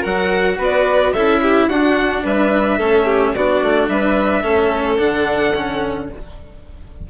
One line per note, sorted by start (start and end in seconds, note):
0.00 0.58 F#3
0.00 1.14 F#4
0.00 0.55 A#4
0.00 0.59 F#5
0.58 1.13 B3
0.58 1.13 B4
0.58 1.13 D5
1.13 1.68 C#4
1.13 1.71 E4
1.13 1.41 A4
1.13 1.68 E5
1.42 1.69 G4
1.68 2.24 D4
1.68 2.80 D4
1.68 2.24 F#4
1.68 2.23 F#5
2.24 2.79 G3
2.24 2.78 B4
2.24 3.35 E5
2.78 3.34 A3
2.78 3.35 C#4
2.78 3.05 A4
3.05 3.32 G4
3.35 3.62 B3
3.35 4.43 D4
3.35 3.90 F#4
3.35 3.89 D5
3.62 3.88 A3
3.88 4.43 G3
3.88 4.43 B4
3.88 4.99 E5
4.43 4.99 A3
4.43 4.98 C#4
4.43 6.08 A4
4.98 6.10 D3
4.98 5.53 D4
4.98 6.09 F#5
5.54 6.09 C#4